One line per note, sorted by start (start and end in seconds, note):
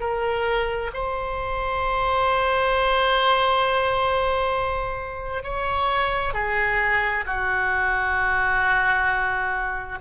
0.00 0.91 A#4
0.93 5.43 C5
5.43 6.33 C#5
6.33 7.24 G#4
7.26 9.99 F#4